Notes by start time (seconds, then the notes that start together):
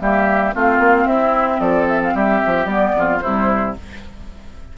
0.00 G3 A#3 G4 E5
0.53 A3 C4 F4 F5
0.79 A#3
1.06 C4 E4 E5
1.60 F3 A4 D5
1.88 E5
2.04 F5
2.15 G3 G4 E5
2.46 F3
2.66 G3 B3 D5
2.97 F2 F4
3.21 C3 G3 E4 C5